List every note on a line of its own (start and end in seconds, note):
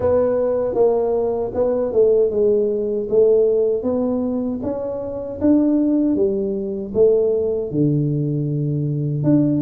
0.00 0.74 B3
0.74 1.51 A#3
1.54 1.92 B3
1.92 2.30 A3
2.30 3.07 G#3
3.09 3.83 A3
3.83 4.59 B3
4.63 5.40 C#4
5.41 6.15 D4
6.15 6.92 G3
6.94 7.71 A3
7.71 9.23 D3
9.23 9.62 D4